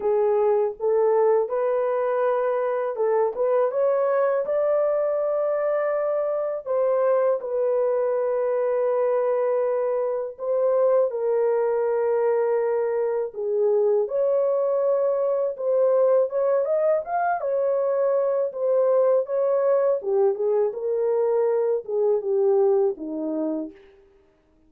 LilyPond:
\new Staff \with { instrumentName = "horn" } { \time 4/4 \tempo 4 = 81 gis'4 a'4 b'2 | a'8 b'8 cis''4 d''2~ | d''4 c''4 b'2~ | b'2 c''4 ais'4~ |
ais'2 gis'4 cis''4~ | cis''4 c''4 cis''8 dis''8 f''8 cis''8~ | cis''4 c''4 cis''4 g'8 gis'8 | ais'4. gis'8 g'4 dis'4 | }